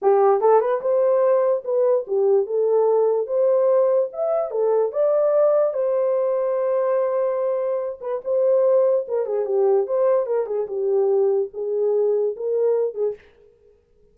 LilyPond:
\new Staff \with { instrumentName = "horn" } { \time 4/4 \tempo 4 = 146 g'4 a'8 b'8 c''2 | b'4 g'4 a'2 | c''2 e''4 a'4 | d''2 c''2~ |
c''2.~ c''8 b'8 | c''2 ais'8 gis'8 g'4 | c''4 ais'8 gis'8 g'2 | gis'2 ais'4. gis'8 | }